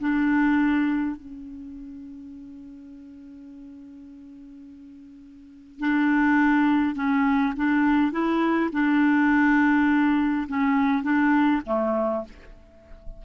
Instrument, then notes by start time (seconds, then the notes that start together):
clarinet
0.00 D4
1.17 C#4
5.80 D4
6.95 C#4
7.56 D4
8.12 E4
8.72 D4
10.48 C#4
11.03 D4
11.66 A3